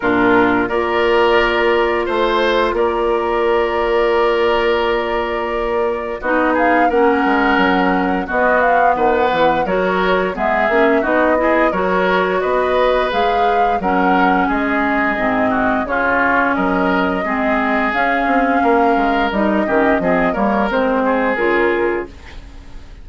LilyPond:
<<
  \new Staff \with { instrumentName = "flute" } { \time 4/4 \tempo 4 = 87 ais'4 d''2 c''4 | d''1~ | d''4 dis''8 f''8 fis''2 | dis''8 f''8 fis''4 cis''4 e''4 |
dis''4 cis''4 dis''4 f''4 | fis''4 dis''2 cis''4 | dis''2 f''2 | dis''4. cis''8 c''4 ais'4 | }
  \new Staff \with { instrumentName = "oboe" } { \time 4/4 f'4 ais'2 c''4 | ais'1~ | ais'4 fis'8 gis'8 ais'2 | fis'4 b'4 ais'4 gis'4 |
fis'8 gis'8 ais'4 b'2 | ais'4 gis'4. fis'8 f'4 | ais'4 gis'2 ais'4~ | ais'8 g'8 gis'8 ais'4 gis'4. | }
  \new Staff \with { instrumentName = "clarinet" } { \time 4/4 d'4 f'2.~ | f'1~ | f'4 dis'4 cis'2 | b2 fis'4 b8 cis'8 |
dis'8 e'8 fis'2 gis'4 | cis'2 c'4 cis'4~ | cis'4 c'4 cis'2 | dis'8 cis'8 c'8 ais8 c'4 f'4 | }
  \new Staff \with { instrumentName = "bassoon" } { \time 4/4 ais,4 ais2 a4 | ais1~ | ais4 b4 ais8 gis8 fis4 | b4 dis8 e8 fis4 gis8 ais8 |
b4 fis4 b4 gis4 | fis4 gis4 gis,4 cis4 | fis4 gis4 cis'8 c'8 ais8 gis8 | g8 dis8 f8 g8 gis4 cis4 | }
>>